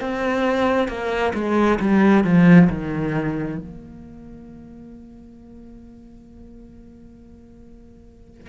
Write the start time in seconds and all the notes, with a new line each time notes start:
0.00 C4
0.88 A#3
1.34 G#3
1.79 G3
2.24 F3
2.69 D#3
3.57 A#3